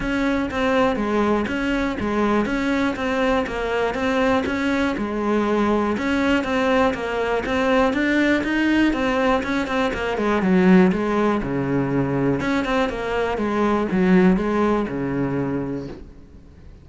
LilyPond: \new Staff \with { instrumentName = "cello" } { \time 4/4 \tempo 4 = 121 cis'4 c'4 gis4 cis'4 | gis4 cis'4 c'4 ais4 | c'4 cis'4 gis2 | cis'4 c'4 ais4 c'4 |
d'4 dis'4 c'4 cis'8 c'8 | ais8 gis8 fis4 gis4 cis4~ | cis4 cis'8 c'8 ais4 gis4 | fis4 gis4 cis2 | }